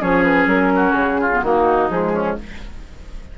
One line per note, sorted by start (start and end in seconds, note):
0.00 0.47 F3
0.00 1.31 C#4
0.00 0.73 G#4
0.00 0.24 C#5
0.24 0.47 B4
0.47 0.93 F#3
0.47 0.93 A#4
0.76 1.21 F#4
0.93 1.41 C#3
0.93 1.41 G#4
1.21 1.44 F4
1.33 1.44 B3
1.42 1.90 D#3
1.42 1.91 A#3
1.42 2.13 D#4
1.42 1.89 F#4
1.90 2.38 F3
1.90 2.38 G#3
1.90 2.38 G#4
2.13 2.36 C#4